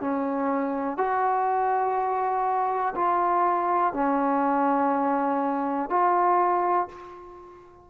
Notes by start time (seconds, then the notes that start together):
0.00 C#4
0.97 F#4
2.95 F4
3.93 C#4
5.90 F4